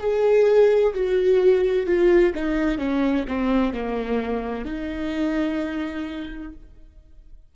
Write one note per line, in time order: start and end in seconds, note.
0.00 0.94 G#4
0.94 1.87 F#4
1.87 2.34 F4
2.34 2.78 D#4
2.78 3.25 C#4
3.28 3.74 C4
3.74 4.65 A#3
4.65 6.52 D#4